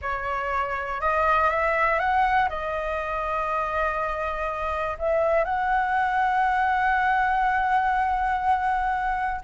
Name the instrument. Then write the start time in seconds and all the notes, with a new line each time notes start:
flute
0.01 C#5
1.00 D#5
1.49 E5
1.99 F#5
2.49 D#5
4.98 E5
5.44 F#5